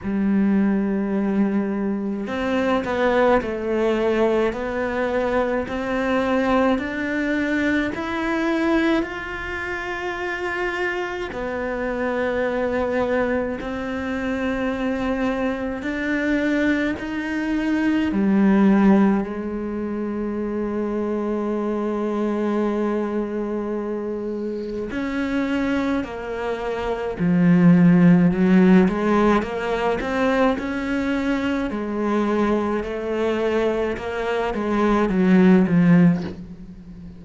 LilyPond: \new Staff \with { instrumentName = "cello" } { \time 4/4 \tempo 4 = 53 g2 c'8 b8 a4 | b4 c'4 d'4 e'4 | f'2 b2 | c'2 d'4 dis'4 |
g4 gis2.~ | gis2 cis'4 ais4 | f4 fis8 gis8 ais8 c'8 cis'4 | gis4 a4 ais8 gis8 fis8 f8 | }